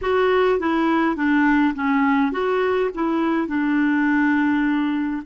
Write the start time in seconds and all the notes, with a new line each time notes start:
0.01 F#4
0.59 E4
1.15 D4
1.74 C#4
2.32 F#4
2.94 E4
3.47 D4